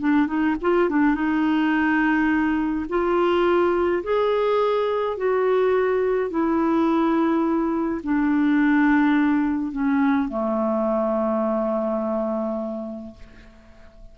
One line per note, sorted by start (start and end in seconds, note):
0.00 0.27 D4
0.27 0.56 D#4
0.62 0.90 F4
0.90 1.15 D4
1.15 2.86 D#4
2.89 4.04 F4
4.04 5.17 G#4
5.17 6.31 F#4
6.31 8.02 E4
8.04 9.72 D4
9.72 10.29 C#4
10.29 13.15 A3